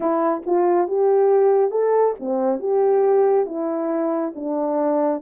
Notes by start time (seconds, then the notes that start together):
0.00 E4
0.46 F4
0.87 G4
1.70 A4
2.19 C4
2.59 G4
3.46 E4
4.35 D4